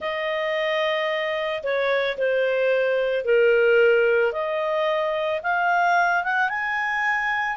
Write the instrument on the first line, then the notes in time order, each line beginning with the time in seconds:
clarinet
0.00 D#5
1.63 C#5
2.17 C5
3.24 A#4
4.32 D#5
5.43 F5
6.23 F#5
6.49 G#5